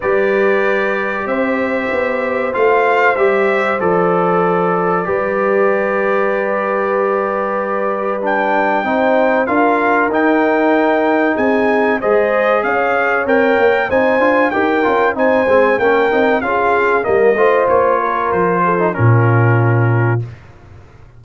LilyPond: <<
  \new Staff \with { instrumentName = "trumpet" } { \time 4/4 \tempo 4 = 95 d''2 e''2 | f''4 e''4 d''2~ | d''1~ | d''4 g''2 f''4 |
g''2 gis''4 dis''4 | f''4 g''4 gis''4 g''4 | gis''4 g''4 f''4 dis''4 | cis''4 c''4 ais'2 | }
  \new Staff \with { instrumentName = "horn" } { \time 4/4 b'2 c''2~ | c''1 | b'1~ | b'2 c''4 ais'4~ |
ais'2 gis'4 c''4 | cis''2 c''4 ais'4 | c''4 ais'4 gis'4 ais'8 c''8~ | c''8 ais'4 a'8 f'2 | }
  \new Staff \with { instrumentName = "trombone" } { \time 4/4 g'1 | f'4 g'4 a'2 | g'1~ | g'4 d'4 dis'4 f'4 |
dis'2. gis'4~ | gis'4 ais'4 dis'8 f'8 g'8 f'8 | dis'8 c'8 cis'8 dis'8 f'4 ais8 f'8~ | f'4.~ f'16 dis'16 cis'2 | }
  \new Staff \with { instrumentName = "tuba" } { \time 4/4 g2 c'4 b4 | a4 g4 f2 | g1~ | g2 c'4 d'4 |
dis'2 c'4 gis4 | cis'4 c'8 ais8 c'8 d'8 dis'8 cis'8 | c'8 gis8 ais8 c'8 cis'4 g8 a8 | ais4 f4 ais,2 | }
>>